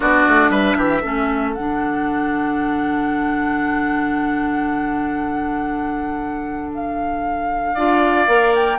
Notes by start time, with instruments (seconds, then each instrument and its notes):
0.00 bassoon B3, clarinet D4, oboe F#4, flute D5
0.27 bassoon A3
0.49 bassoon G3, oboe B4, flute E5
0.76 bassoon E3, oboe G4
1.01 bassoon A3, clarinet C#4, oboe A4
1.53 bassoon D3, clarinet D4, flute F#5
6.74 flute F5
7.74 bassoon D4, clarinet F4, oboe D5
8.27 bassoon A#3, clarinet A#4
8.54 flute G5